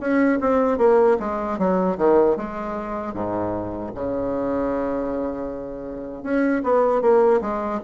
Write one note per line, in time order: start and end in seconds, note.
0.00 0.39 C#4
0.41 0.78 C4
0.78 1.17 A#3
1.20 1.59 G#3
1.59 1.98 F#3
1.98 2.37 D#3
2.37 3.14 G#3
3.14 3.92 G#2
3.95 6.23 C#3
6.23 6.62 C#4
6.64 7.02 B3
7.02 7.41 A#3
7.42 7.81 G#3